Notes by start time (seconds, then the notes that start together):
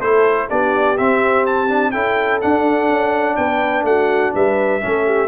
0.00 A3 E4 A4 C5
0.48 B3 D4 G4 D5
0.97 C4 E5
1.46 A5
1.68 D4
1.91 C#4 E4 A4 G5
2.41 D4 F#5
2.89 C#4
3.36 B3 B4 G5
3.83 A3 F#4 F#5
4.34 G3 B4 E5
4.81 A3 C#4 A4
5.06 G4